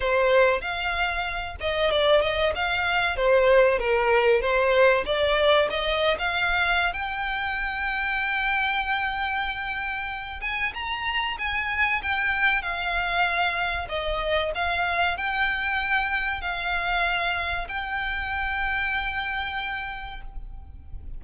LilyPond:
\new Staff \with { instrumentName = "violin" } { \time 4/4 \tempo 4 = 95 c''4 f''4. dis''8 d''8 dis''8 | f''4 c''4 ais'4 c''4 | d''4 dis''8. f''4~ f''16 g''4~ | g''1~ |
g''8 gis''8 ais''4 gis''4 g''4 | f''2 dis''4 f''4 | g''2 f''2 | g''1 | }